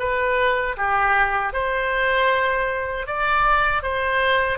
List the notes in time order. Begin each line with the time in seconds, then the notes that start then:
0.00 B4
0.78 G4
1.53 C5
3.07 D5
3.83 C5